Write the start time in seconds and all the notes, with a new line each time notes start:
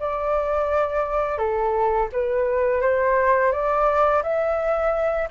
0.00 D5
1.38 A4
2.13 B4
2.82 C5
3.52 D5
4.23 E5